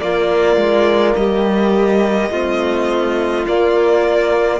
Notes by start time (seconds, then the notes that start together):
0.00 A#3 F4 D5
0.56 G#3
1.15 G3 G4 D#5
2.31 A3 C4 F4
3.46 A#3 D5